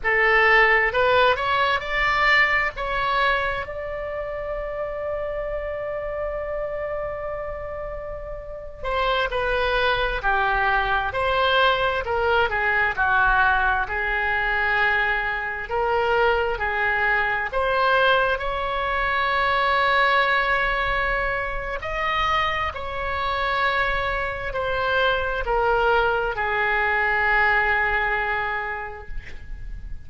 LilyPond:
\new Staff \with { instrumentName = "oboe" } { \time 4/4 \tempo 4 = 66 a'4 b'8 cis''8 d''4 cis''4 | d''1~ | d''4.~ d''16 c''8 b'4 g'8.~ | g'16 c''4 ais'8 gis'8 fis'4 gis'8.~ |
gis'4~ gis'16 ais'4 gis'4 c''8.~ | c''16 cis''2.~ cis''8. | dis''4 cis''2 c''4 | ais'4 gis'2. | }